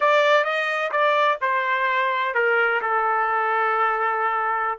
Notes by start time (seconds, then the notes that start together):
0.00 D5
0.44 D#5
0.91 D5
1.41 C5
2.34 A#4
2.81 A4